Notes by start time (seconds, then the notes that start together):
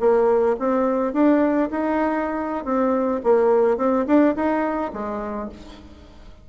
0.00 A#3
0.59 C4
1.13 D4
1.71 D#4
2.65 C4
3.24 A#3
3.77 C4
4.07 D4
4.35 D#4
4.93 G#3